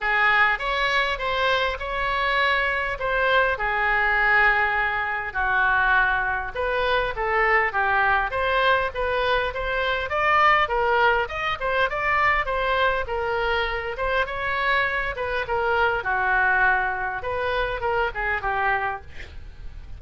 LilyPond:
\new Staff \with { instrumentName = "oboe" } { \time 4/4 \tempo 4 = 101 gis'4 cis''4 c''4 cis''4~ | cis''4 c''4 gis'2~ | gis'4 fis'2 b'4 | a'4 g'4 c''4 b'4 |
c''4 d''4 ais'4 dis''8 c''8 | d''4 c''4 ais'4. c''8 | cis''4. b'8 ais'4 fis'4~ | fis'4 b'4 ais'8 gis'8 g'4 | }